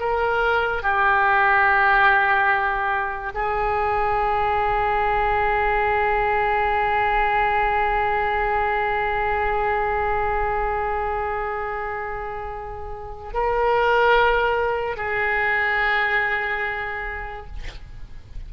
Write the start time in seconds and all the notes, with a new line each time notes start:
0.00 A#4
0.83 G4
3.34 G#4
13.34 A#4
14.97 G#4